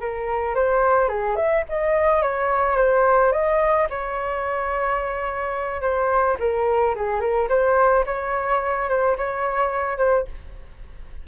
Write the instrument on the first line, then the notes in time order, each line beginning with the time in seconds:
flute
0.00 A#4
0.55 C5
1.08 G#4
1.36 E5
1.69 D#5
2.22 C#5
2.77 C5
3.32 D#5
3.90 C#5
5.81 C5
6.39 A#4
6.95 G#4
7.20 A#4
7.49 C5
8.06 C#5
8.89 C5
9.17 C#5
9.97 C5